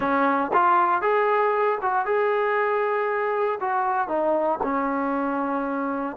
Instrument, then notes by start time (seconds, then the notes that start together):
trombone
0.00 C#4
0.53 F4
1.01 G#4
1.81 F#4
2.05 G#4
3.60 F#4
4.08 D#4
4.62 C#4